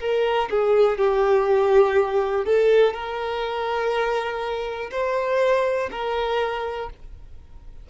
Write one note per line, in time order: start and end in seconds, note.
0.00 0.49 A#4
0.50 0.98 G#4
0.98 2.45 G4
2.45 2.94 A4
2.94 4.90 A#4
4.91 5.90 C5
5.92 6.90 A#4